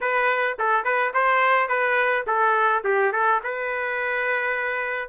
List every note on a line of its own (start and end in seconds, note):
0.01 0.57 B4
0.58 0.84 A4
0.84 1.12 B4
1.13 1.68 C5
1.68 2.25 B4
2.26 2.83 A4
2.84 3.12 G4
3.12 3.40 A4
3.43 5.08 B4